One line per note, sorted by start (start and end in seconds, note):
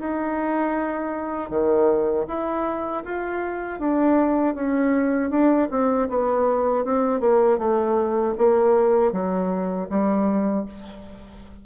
0.00 1.51 D#4
1.51 2.26 D#3
2.28 3.04 E4
3.05 3.80 F4
3.80 4.55 D4
4.55 5.31 C#4
5.31 5.69 D4
5.71 6.09 C4
6.10 6.85 B3
6.85 7.21 C4
7.21 7.59 A#3
7.59 8.35 A3
8.39 9.13 A#3
9.13 9.89 F#3
9.90 10.66 G3